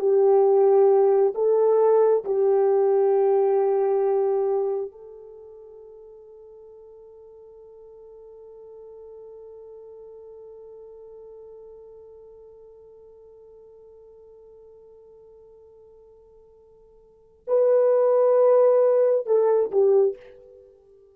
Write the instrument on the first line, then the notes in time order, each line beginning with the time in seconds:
horn
0.00 G4
1.35 A4
2.25 G4
4.92 A4
17.48 B4
19.27 A4
19.71 G4